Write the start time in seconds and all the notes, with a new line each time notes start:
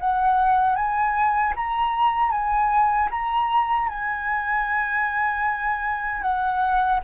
0.00 F#5
0.76 G#5
1.56 A#5
2.31 G#5
3.11 A#5
3.89 G#5
6.22 F#5